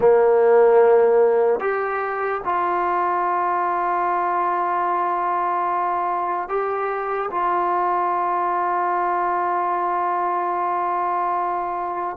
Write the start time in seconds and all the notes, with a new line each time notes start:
0.00 A#3
1.60 G4
2.44 F4
6.48 G4
7.30 F4